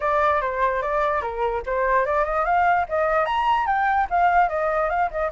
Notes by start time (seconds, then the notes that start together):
0.00 D5
0.41 C5
0.82 D5
1.21 A#4
1.65 C5
2.05 D5
2.24 D#5
2.45 F5
2.88 D#5
3.25 A#5
3.66 G5
4.09 F5
4.48 D#5
4.89 F5
5.10 D#5